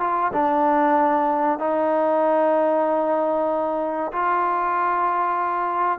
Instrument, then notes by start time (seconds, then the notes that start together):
trombone
0.00 F4
0.33 D4
1.59 D#4
4.13 F4